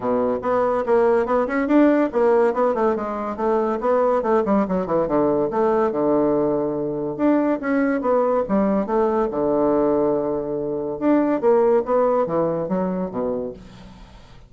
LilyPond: \new Staff \with { instrumentName = "bassoon" } { \time 4/4 \tempo 4 = 142 b,4 b4 ais4 b8 cis'8 | d'4 ais4 b8 a8 gis4 | a4 b4 a8 g8 fis8 e8 | d4 a4 d2~ |
d4 d'4 cis'4 b4 | g4 a4 d2~ | d2 d'4 ais4 | b4 e4 fis4 b,4 | }